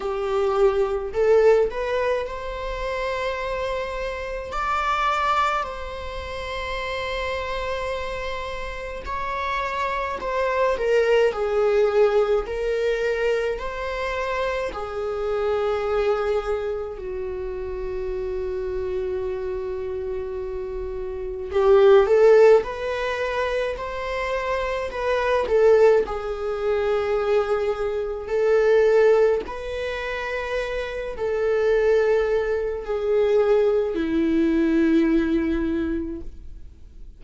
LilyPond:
\new Staff \with { instrumentName = "viola" } { \time 4/4 \tempo 4 = 53 g'4 a'8 b'8 c''2 | d''4 c''2. | cis''4 c''8 ais'8 gis'4 ais'4 | c''4 gis'2 fis'4~ |
fis'2. g'8 a'8 | b'4 c''4 b'8 a'8 gis'4~ | gis'4 a'4 b'4. a'8~ | a'4 gis'4 e'2 | }